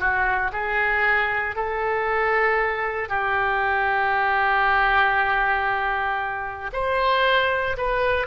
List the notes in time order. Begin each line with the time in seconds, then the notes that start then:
0.00 F#4
0.52 G#4
1.56 A4
3.09 G4
6.73 C5
7.77 B4